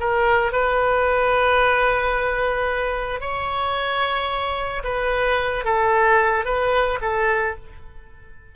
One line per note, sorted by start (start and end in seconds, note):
0.00 0.52 A#4
0.52 3.21 B4
3.21 4.83 C#5
4.84 5.65 B4
5.65 6.45 A4
6.45 6.99 B4
7.01 7.56 A4